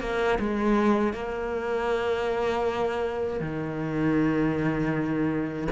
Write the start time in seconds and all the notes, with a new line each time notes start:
0.00 A#3
0.39 G#3
1.13 A#3
3.40 D#3